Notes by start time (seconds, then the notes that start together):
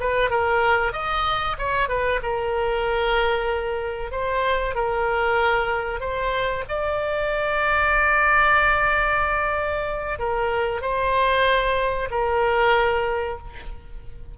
0.00 B4
0.31 A#4
0.93 D#5
1.59 C#5
1.89 B4
2.23 A#4
4.12 C5
4.76 A#4
6.01 C5
6.69 D5
10.19 A#4
10.82 C5
12.11 A#4